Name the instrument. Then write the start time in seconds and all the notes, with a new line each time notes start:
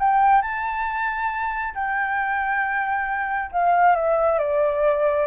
flute
0.00 G5
0.42 A5
1.75 G5
3.52 F5
3.96 E5
4.39 D5